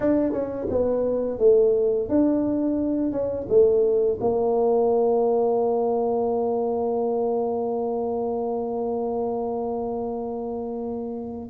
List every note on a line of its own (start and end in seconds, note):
0.00 0.32 D4
0.32 0.67 C#4
0.70 1.39 B3
1.39 2.08 A3
2.08 3.11 D4
3.11 3.46 C#4
3.49 4.18 A3
4.20 11.50 A#3